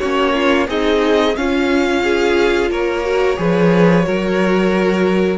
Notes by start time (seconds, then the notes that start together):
0.00 A#3 C#4 F#4 C#5
0.34 F4
0.68 C4 D#4 G#4 D#5
1.36 C#4 F4 F5
2.04 G#4
2.71 A#3 A#4 C#5
3.04 F#4
3.37 F3 G#4 B4
4.03 F#3 F#4 A#4